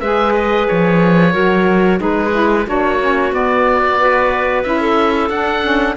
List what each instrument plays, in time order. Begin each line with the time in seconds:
0.00 cello G#3, saxophone G#4, clarinet B4, oboe E5
0.34 oboe D#5
0.67 cello F3, oboe C#5
1.32 cello F#3, saxophone F#4, clarinet A#4
1.97 cello G#3, saxophone D#4, clarinet G#4, oboe B4
2.31 saxophone E4
2.65 cello A#3, saxophone D4, clarinet F#4, oboe C#5
3.00 saxophone C#4
3.32 saxophone B3, cello B3, oboe D5
3.98 saxophone F#4, clarinet B4
4.63 cello C#4, saxophone E4, oboe E5
4.80 clarinet A4
5.29 cello D4, saxophone D4, oboe F#5
5.62 saxophone C#4